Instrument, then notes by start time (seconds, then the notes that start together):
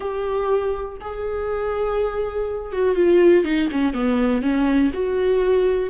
viola
0.00 G4
1.00 G#4
2.72 F#4
2.95 F4
3.44 D#4
3.71 C#4
3.93 B3
4.42 C#4
4.93 F#4